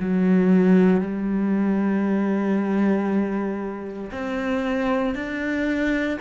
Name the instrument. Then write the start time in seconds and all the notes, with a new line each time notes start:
cello
0.00 F#3
1.01 G3
4.12 C4
5.15 D4